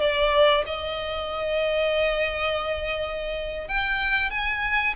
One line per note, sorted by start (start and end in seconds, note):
0.00 0.64 D5
0.66 3.68 D#5
3.68 4.30 G5
4.30 4.94 G#5